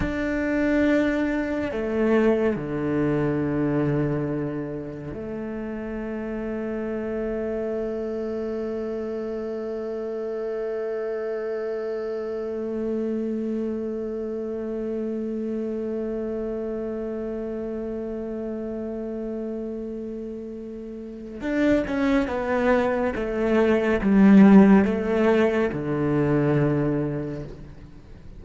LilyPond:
\new Staff \with { instrumentName = "cello" } { \time 4/4 \tempo 4 = 70 d'2 a4 d4~ | d2 a2~ | a1~ | a1~ |
a1~ | a1~ | a4 d'8 cis'8 b4 a4 | g4 a4 d2 | }